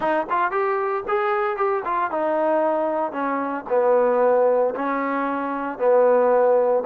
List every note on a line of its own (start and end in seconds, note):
0.00 0.26 D#4
0.29 0.51 F4
0.51 1.03 G4
1.08 1.56 G#4
1.56 1.83 G4
1.84 2.11 F4
2.11 3.11 D#4
3.11 3.64 C#4
3.69 4.74 B3
4.75 5.78 C#4
5.78 6.83 B3